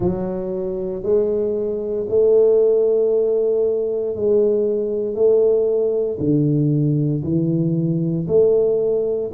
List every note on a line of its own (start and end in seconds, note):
0.00 1.03 F#3
1.03 2.06 G#3
2.08 4.15 A3
4.15 5.14 G#3
5.14 6.18 A3
6.19 7.23 D3
7.23 8.27 E3
8.28 9.31 A3